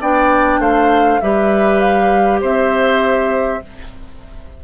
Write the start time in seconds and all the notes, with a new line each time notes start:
0.00 B3 D4 D5 G5
0.58 A3 C5 F5
1.21 G3 G4 B4 E5
1.79 F5
2.40 C4 C5 E5